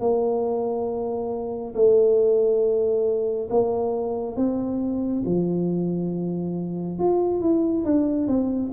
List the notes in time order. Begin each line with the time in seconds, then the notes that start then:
0.00 A#3
1.75 A3
3.50 A#3
4.36 C4
5.26 F3
6.98 F4
7.41 E4
7.85 D4
8.27 C4